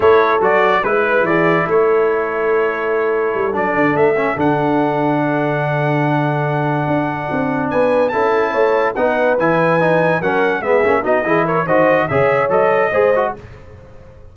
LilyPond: <<
  \new Staff \with { instrumentName = "trumpet" } { \time 4/4 \tempo 4 = 144 cis''4 d''4 b'4 d''4 | cis''1~ | cis''8 d''4 e''4 fis''4.~ | fis''1~ |
fis''2~ fis''8 gis''4 a''8~ | a''4. fis''4 gis''4.~ | gis''8 fis''4 e''4 dis''4 cis''8 | dis''4 e''4 dis''2 | }
  \new Staff \with { instrumentName = "horn" } { \time 4/4 a'2 b'4 gis'4 | a'1~ | a'1~ | a'1~ |
a'2~ a'8 b'4 a'8~ | a'8 cis''4 b'2~ b'8~ | b'8 ais'4 gis'4 fis'8 gis'8 ais'8 | c''4 cis''2 c''4 | }
  \new Staff \with { instrumentName = "trombone" } { \time 4/4 e'4 fis'4 e'2~ | e'1~ | e'8 d'4. cis'8 d'4.~ | d'1~ |
d'2.~ d'8 e'8~ | e'4. dis'4 e'4 dis'8~ | dis'8 cis'4 b8 cis'8 dis'8 e'4 | fis'4 gis'4 a'4 gis'8 fis'8 | }
  \new Staff \with { instrumentName = "tuba" } { \time 4/4 a4 fis4 gis4 e4 | a1 | g8 fis8 d8 a4 d4.~ | d1~ |
d8 d'4 c'4 b4 cis'8~ | cis'8 a4 b4 e4.~ | e8 fis4 gis8 ais8 b8 e4 | dis4 cis4 fis4 gis4 | }
>>